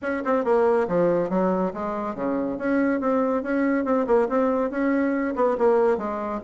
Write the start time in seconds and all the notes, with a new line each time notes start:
0.01 C#4
0.24 C4
0.44 A#3
0.87 F3
1.29 F#3
1.73 G#3
2.15 C#3
2.57 C#4
3.00 C4
3.42 C#4
3.85 C4
4.06 A#3
4.29 C4
4.70 C#4
5.35 B3
5.58 A#3
5.97 G#3